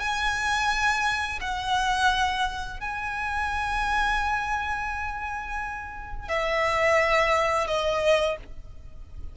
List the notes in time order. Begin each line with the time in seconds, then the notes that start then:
0.00 G#5
1.41 F#5
2.80 G#5
6.29 E5
7.67 D#5